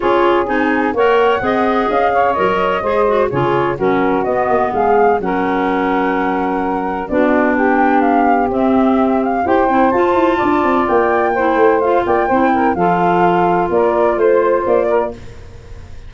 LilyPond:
<<
  \new Staff \with { instrumentName = "flute" } { \time 4/4 \tempo 4 = 127 cis''4 gis''4 fis''2 | f''4 dis''2 cis''4 | ais'4 dis''4 f''4 fis''4~ | fis''2. d''4 |
g''4 f''4 e''4. f''8 | g''4 a''2 g''4~ | g''4 f''8 g''4. f''4~ | f''4 d''4 c''4 d''4 | }
  \new Staff \with { instrumentName = "saxophone" } { \time 4/4 gis'2 cis''4 dis''4~ | dis''8 cis''4. c''4 gis'4 | fis'2 gis'4 ais'4~ | ais'2. fis'4 |
g'1 | c''2 d''2 | c''4. d''8 c''8 ais'8 a'4~ | a'4 ais'4 c''4. ais'8 | }
  \new Staff \with { instrumentName = "clarinet" } { \time 4/4 f'4 dis'4 ais'4 gis'4~ | gis'4 ais'4 gis'8 fis'8 f'4 | cis'4 b2 cis'4~ | cis'2. d'4~ |
d'2 c'2 | g'8 e'8 f'2. | e'4 f'4 e'4 f'4~ | f'1 | }
  \new Staff \with { instrumentName = "tuba" } { \time 4/4 cis'4 c'4 ais4 c'4 | cis'4 fis4 gis4 cis4 | fis4 b8 ais8 gis4 fis4~ | fis2. b4~ |
b2 c'2 | e'8 c'8 f'8 e'8 d'8 c'8 ais4~ | ais8 a4 ais8 c'4 f4~ | f4 ais4 a4 ais4 | }
>>